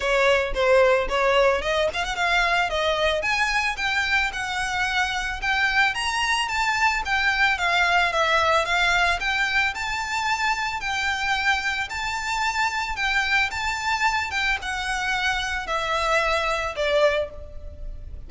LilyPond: \new Staff \with { instrumentName = "violin" } { \time 4/4 \tempo 4 = 111 cis''4 c''4 cis''4 dis''8 f''16 fis''16 | f''4 dis''4 gis''4 g''4 | fis''2 g''4 ais''4 | a''4 g''4 f''4 e''4 |
f''4 g''4 a''2 | g''2 a''2 | g''4 a''4. g''8 fis''4~ | fis''4 e''2 d''4 | }